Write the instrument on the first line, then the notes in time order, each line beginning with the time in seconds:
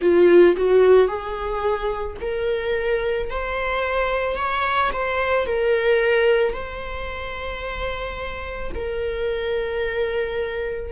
viola
0.01 F4
0.56 F#4
1.08 G#4
2.21 A#4
3.30 C5
4.36 C#5
4.92 C5
5.46 A#4
6.53 C5
8.74 A#4